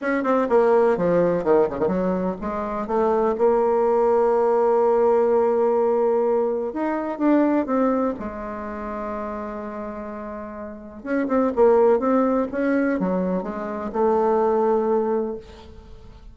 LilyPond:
\new Staff \with { instrumentName = "bassoon" } { \time 4/4 \tempo 4 = 125 cis'8 c'8 ais4 f4 dis8 cis16 dis16 | fis4 gis4 a4 ais4~ | ais1~ | ais2 dis'4 d'4 |
c'4 gis2.~ | gis2. cis'8 c'8 | ais4 c'4 cis'4 fis4 | gis4 a2. | }